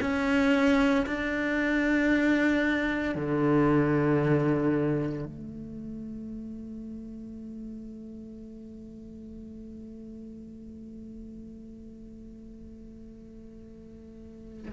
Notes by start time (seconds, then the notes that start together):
0.00 C#4
1.06 D4
3.14 D3
5.25 A3